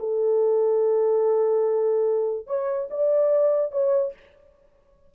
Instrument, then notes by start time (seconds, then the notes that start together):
horn
0.00 A4
2.48 C#5
2.91 D5
3.72 C#5